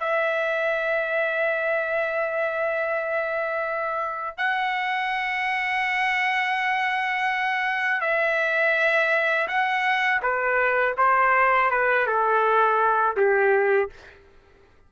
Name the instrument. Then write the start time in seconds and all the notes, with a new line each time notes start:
trumpet
0.00 E5
4.38 F#5
8.02 E5
9.48 F#5
10.23 B4
10.98 C5
11.71 B4
12.07 A4
13.17 G4